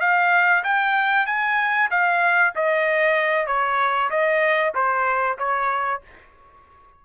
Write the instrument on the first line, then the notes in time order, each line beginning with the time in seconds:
trumpet
0.00 F5
0.64 G5
1.26 G#5
1.90 F5
2.55 D#5
3.47 C#5
4.10 D#5
4.75 C5
5.38 C#5